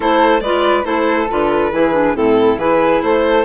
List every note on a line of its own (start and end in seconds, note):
0.00 0.40 A3
0.00 0.40 E4
0.00 0.42 A4
0.00 0.40 C5
0.40 0.84 G#3
0.40 0.84 F4
0.40 0.85 B4
0.40 0.83 D5
0.84 1.29 A3
0.84 1.27 E4
0.84 1.71 A4
0.84 1.28 C5
1.29 1.71 D3
1.29 1.72 F4
1.29 2.16 B4
1.71 2.15 E3
1.71 1.93 E4
1.71 2.15 G#4
1.93 2.15 D4
2.15 2.57 A2
2.15 2.58 C4
2.15 2.59 E4
2.15 2.58 A4
2.57 3.00 E3
2.57 3.44 E4
2.57 3.02 G#4
2.57 3.01 B4
3.02 3.44 A3
3.02 3.44 A4
3.02 3.44 C5